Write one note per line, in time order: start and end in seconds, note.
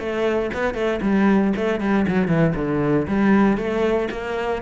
0.00 0.51 A3
0.54 0.75 B3
0.75 1.00 A3
1.02 1.54 G3
1.57 1.80 A3
1.80 2.06 G3
2.08 2.28 F#3
2.28 2.54 E3
2.56 3.07 D3
3.08 3.58 G3
3.58 4.09 A3
4.12 4.63 A#3